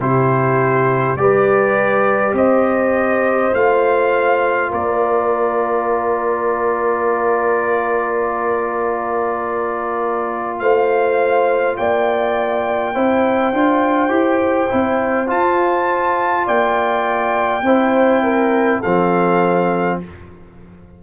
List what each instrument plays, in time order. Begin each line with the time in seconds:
0.00 tuba C3, trombone E4, horn G4, trumpet C5
1.16 tuba G3, trombone G4, horn B4, trumpet D5
2.33 tuba C4, horn C5, trumpet D#5
3.53 tuba A3, trombone F4, trumpet F5
4.71 tuba A#3, horn A#4, trumpet D5
10.59 tuba A3, horn C5, trumpet F5
11.77 tuba A#3, horn D5, trumpet G5
12.94 tuba C4, trombone E4, horn C5
13.53 tuba D4, trombone F4
14.09 tuba E4, trombone G4
14.69 tuba C4, trombone E4
15.27 trombone F4, tuba F4, trumpet A5
16.46 tuba A#3, horn D5, trumpet G5
17.62 tuba C4, trombone E4, horn C5
18.24 horn A#4
18.80 tuba F3, trombone C4, horn A4, trumpet F5